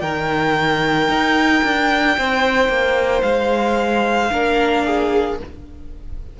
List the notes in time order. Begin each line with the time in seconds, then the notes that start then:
0.00 D#3 D#4 A#4 G5
1.08 D#4
1.64 D4
2.17 C4 C5
2.69 A#3
3.22 G#3 F5
4.31 A#3 D4 A#4
4.85 G#4